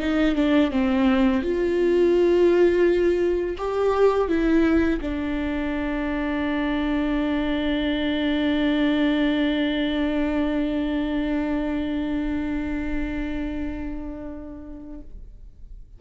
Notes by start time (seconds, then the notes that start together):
0.00 D#4
0.36 D4
0.71 C4
1.43 F4
3.58 G4
4.29 E4
5.02 D4